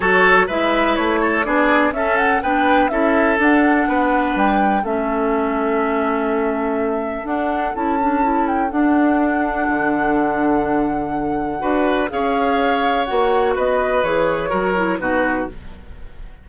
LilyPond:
<<
  \new Staff \with { instrumentName = "flute" } { \time 4/4 \tempo 4 = 124 cis''4 e''4 cis''4 d''4 | e''8 fis''8 g''4 e''4 fis''4~ | fis''4 g''4 e''2~ | e''2. fis''4 |
a''4. g''8 fis''2~ | fis''1~ | fis''4 f''2 fis''4 | dis''4 cis''2 b'4 | }
  \new Staff \with { instrumentName = "oboe" } { \time 4/4 a'4 b'4. a'8 gis'4 | a'4 b'4 a'2 | b'2 a'2~ | a'1~ |
a'1~ | a'1 | b'4 cis''2. | b'2 ais'4 fis'4 | }
  \new Staff \with { instrumentName = "clarinet" } { \time 4/4 fis'4 e'2 d'4 | cis'4 d'4 e'4 d'4~ | d'2 cis'2~ | cis'2. d'4 |
e'8 d'8 e'4 d'2~ | d'1 | fis'4 gis'2 fis'4~ | fis'4 gis'4 fis'8 e'8 dis'4 | }
  \new Staff \with { instrumentName = "bassoon" } { \time 4/4 fis4 gis4 a4 b4 | cis'4 b4 cis'4 d'4 | b4 g4 a2~ | a2. d'4 |
cis'2 d'2 | d1 | d'4 cis'2 ais4 | b4 e4 fis4 b,4 | }
>>